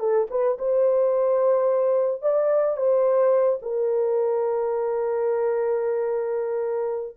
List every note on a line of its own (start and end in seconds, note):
0.00 0.28 A4
0.31 0.58 B4
0.59 2.22 C5
2.22 2.77 D5
2.77 3.59 C5
3.62 7.17 A#4